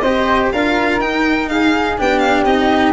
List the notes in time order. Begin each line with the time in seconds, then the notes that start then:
0.00 C4 G4 C5 D#5
0.52 D4 F4 A#4 F5
0.99 D#4 G5
1.48 G#4 F5
1.98 B3 D4 G4 G5
2.19 F5
2.45 C4 D#4 D#5